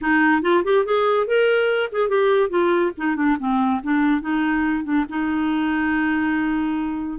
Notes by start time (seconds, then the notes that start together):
0.01 D#4
0.42 F4
0.64 G4
0.85 G#4
1.26 A#4
1.91 G#4
2.08 G4
2.49 F4
2.97 D#4
3.16 D4
3.39 C4
3.83 D4
4.21 D#4
4.84 D4
5.09 D#4